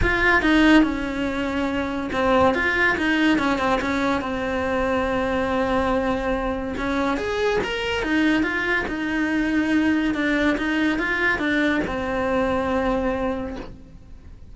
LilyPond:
\new Staff \with { instrumentName = "cello" } { \time 4/4 \tempo 4 = 142 f'4 dis'4 cis'2~ | cis'4 c'4 f'4 dis'4 | cis'8 c'8 cis'4 c'2~ | c'1 |
cis'4 gis'4 ais'4 dis'4 | f'4 dis'2. | d'4 dis'4 f'4 d'4 | c'1 | }